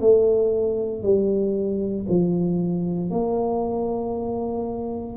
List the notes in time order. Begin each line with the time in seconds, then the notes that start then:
0.00 A3
1.03 G3
2.08 F3
3.10 A#3